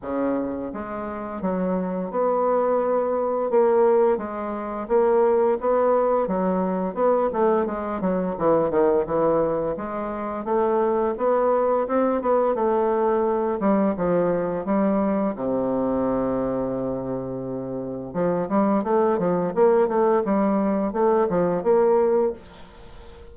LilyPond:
\new Staff \with { instrumentName = "bassoon" } { \time 4/4 \tempo 4 = 86 cis4 gis4 fis4 b4~ | b4 ais4 gis4 ais4 | b4 fis4 b8 a8 gis8 fis8 | e8 dis8 e4 gis4 a4 |
b4 c'8 b8 a4. g8 | f4 g4 c2~ | c2 f8 g8 a8 f8 | ais8 a8 g4 a8 f8 ais4 | }